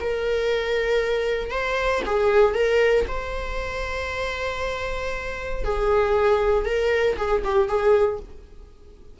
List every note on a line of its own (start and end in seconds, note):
0.00 1.51 A#4
1.51 2.02 C5
2.06 2.54 G#4
2.54 3.05 A#4
3.07 5.64 C5
5.64 6.65 G#4
6.65 7.17 A#4
7.17 7.43 G#4
7.44 7.68 G4
7.68 8.19 G#4